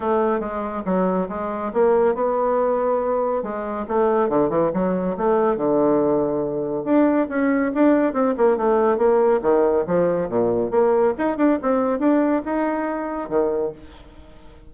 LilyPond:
\new Staff \with { instrumentName = "bassoon" } { \time 4/4 \tempo 4 = 140 a4 gis4 fis4 gis4 | ais4 b2. | gis4 a4 d8 e8 fis4 | a4 d2. |
d'4 cis'4 d'4 c'8 ais8 | a4 ais4 dis4 f4 | ais,4 ais4 dis'8 d'8 c'4 | d'4 dis'2 dis4 | }